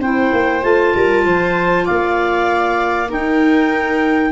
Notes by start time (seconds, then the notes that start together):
0.00 C4 E4 C5 G5
0.33 A#3
0.62 A3 F4 A5
0.95 G3 A#4
1.25 F3 C5
1.85 A#3 D5 F5
3.09 D#4 A#4 G5